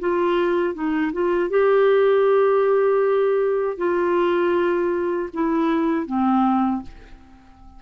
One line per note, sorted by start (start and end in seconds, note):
0.00 0.75 F4
0.75 1.13 D#4
1.13 1.50 F4
1.50 3.78 G4
3.78 5.30 F4
5.34 6.07 E4
6.07 6.83 C4